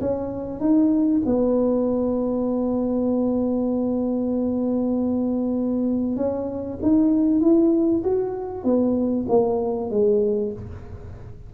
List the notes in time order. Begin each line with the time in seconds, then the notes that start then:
0.00 C#4
0.60 D#4
1.25 B3
6.16 C#4
6.82 D#4
7.41 E4
8.03 F#4
8.64 B3
9.28 A#3
9.90 G#3